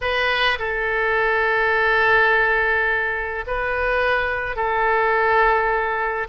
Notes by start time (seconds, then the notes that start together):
0.01 B4
0.59 A4
3.46 B4
4.56 A4